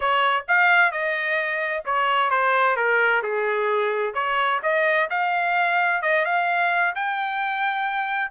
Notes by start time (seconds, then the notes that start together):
0.00 C#5
0.47 F5
0.91 D#5
1.85 C#5
2.30 C5
2.76 A#4
3.22 G#4
4.14 C#5
4.62 D#5
5.09 F5
6.01 D#5
6.25 F5
6.95 G5